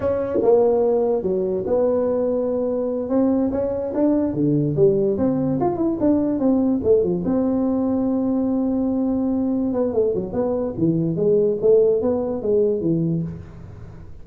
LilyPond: \new Staff \with { instrumentName = "tuba" } { \time 4/4 \tempo 4 = 145 cis'4 ais2 fis4 | b2.~ b8 c'8~ | c'8 cis'4 d'4 d4 g8~ | g8 c'4 f'8 e'8 d'4 c'8~ |
c'8 a8 f8 c'2~ c'8~ | c'2.~ c'8 b8 | a8 fis8 b4 e4 gis4 | a4 b4 gis4 e4 | }